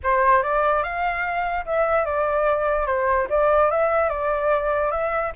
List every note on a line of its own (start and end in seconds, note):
0.03 0.43 C5
0.43 0.83 D5
0.83 1.65 F5
1.65 2.05 E5
2.05 2.86 D5
2.86 3.27 C5
3.29 3.70 D5
3.70 4.09 E5
4.09 4.91 D5
4.91 5.32 E5